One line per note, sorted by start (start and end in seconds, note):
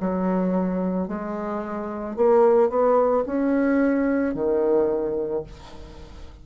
0.00 1.08 F#3
1.08 2.16 G#3
2.16 2.69 A#3
2.69 3.24 B3
3.26 4.34 C#4
4.34 5.43 D#3